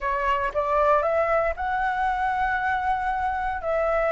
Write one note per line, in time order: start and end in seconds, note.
0.00 0.52 C#5
0.54 1.02 D5
1.02 1.53 E5
1.56 3.61 F#5
3.61 4.12 E5